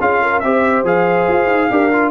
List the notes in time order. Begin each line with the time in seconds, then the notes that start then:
0.00 C#4 F4 G#4 F5
0.22 A#4
0.40 C4 G4 C5 E5
0.84 F3 G#4 F5
1.28 F4
1.47 D#4
1.71 D4 G4 A#4
1.92 F4